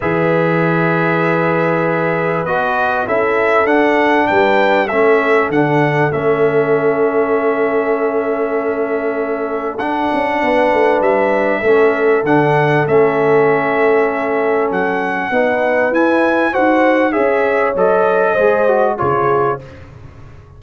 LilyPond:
<<
  \new Staff \with { instrumentName = "trumpet" } { \time 4/4 \tempo 4 = 98 e''1 | dis''4 e''4 fis''4 g''4 | e''4 fis''4 e''2~ | e''1 |
fis''2 e''2 | fis''4 e''2. | fis''2 gis''4 fis''4 | e''4 dis''2 cis''4 | }
  \new Staff \with { instrumentName = "horn" } { \time 4/4 b'1~ | b'4 a'2 b'4 | a'1~ | a'1~ |
a'4 b'2 a'4~ | a'1~ | a'4 b'2 c''4 | cis''2 c''4 gis'4 | }
  \new Staff \with { instrumentName = "trombone" } { \time 4/4 gis'1 | fis'4 e'4 d'2 | cis'4 d'4 cis'2~ | cis'1 |
d'2. cis'4 | d'4 cis'2.~ | cis'4 dis'4 e'4 fis'4 | gis'4 a'4 gis'8 fis'8 f'4 | }
  \new Staff \with { instrumentName = "tuba" } { \time 4/4 e1 | b4 cis'4 d'4 g4 | a4 d4 a2~ | a1 |
d'8 cis'8 b8 a8 g4 a4 | d4 a2. | fis4 b4 e'4 dis'4 | cis'4 fis4 gis4 cis4 | }
>>